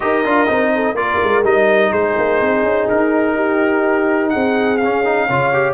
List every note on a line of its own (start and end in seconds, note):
0.00 0.24 D#4
0.00 0.24 G4
0.00 0.74 A#4
0.00 0.95 D#5
0.24 0.48 D4
0.24 0.47 F4
0.47 0.94 C4
0.47 0.95 D#4
0.74 0.96 A4
0.94 1.18 A#3
0.94 1.43 F4
0.94 1.92 A#4
0.94 1.43 D5
1.23 1.43 G#3
1.43 1.91 G3
1.43 4.79 D#4
1.43 1.92 D#5
1.92 2.16 G#3
1.92 3.35 G#4
1.92 2.88 C5
2.17 2.40 A#3
2.40 2.62 C4
2.62 2.86 C#4
2.89 4.35 D#4
2.89 4.29 A#4
3.35 4.31 G4
4.29 4.81 C4
4.29 5.27 G#4
4.29 4.77 F#5
4.77 5.29 C#4
4.77 5.73 F5
4.83 5.04 C#4
5.04 5.28 D#4
5.27 5.74 C#3
5.27 5.53 F4
5.27 5.74 C#5
5.53 5.74 G4